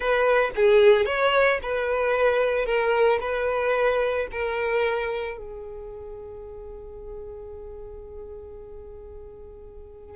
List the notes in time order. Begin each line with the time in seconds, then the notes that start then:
0.00 B4
0.55 G#4
1.05 C#5
1.62 B4
2.65 A#4
3.20 B4
4.31 A#4
5.37 G#4